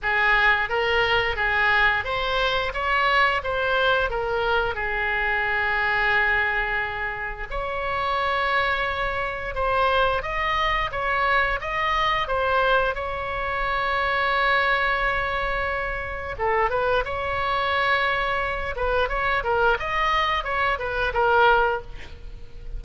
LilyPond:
\new Staff \with { instrumentName = "oboe" } { \time 4/4 \tempo 4 = 88 gis'4 ais'4 gis'4 c''4 | cis''4 c''4 ais'4 gis'4~ | gis'2. cis''4~ | cis''2 c''4 dis''4 |
cis''4 dis''4 c''4 cis''4~ | cis''1 | a'8 b'8 cis''2~ cis''8 b'8 | cis''8 ais'8 dis''4 cis''8 b'8 ais'4 | }